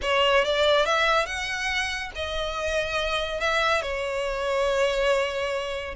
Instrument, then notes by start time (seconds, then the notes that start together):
violin
0.02 C#5
0.44 D5
0.85 E5
1.26 F#5
2.15 D#5
3.40 E5
3.82 C#5